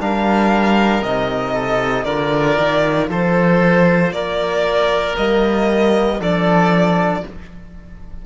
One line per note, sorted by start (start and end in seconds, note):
0.00 1.02 G3
0.00 1.03 D4
0.00 1.54 A#4
0.00 1.03 F5
1.02 2.05 C3
1.02 2.06 D#4
1.02 2.05 D#5
1.54 2.05 A4
2.05 2.57 D3
2.05 5.16 F4
2.05 3.09 A#4
2.05 3.08 D5
2.59 3.09 D#3
3.09 4.12 F3
3.09 4.13 A4
3.09 4.13 C5
4.12 5.15 A#3
4.12 6.21 A#4
4.12 5.16 D5
5.16 6.20 G3
5.16 6.20 A#3
5.16 6.20 D#5
6.20 7.23 F3
6.20 7.24 D4
6.20 7.25 A4
6.20 7.26 D5